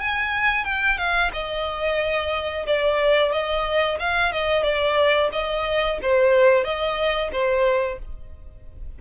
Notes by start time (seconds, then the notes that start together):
0.00 G#5
0.65 G5
0.98 F5
1.33 D#5
2.67 D5
3.32 D#5
4.00 F5
4.32 D#5
4.63 D5
5.32 D#5
6.02 C5
6.64 D#5
7.32 C5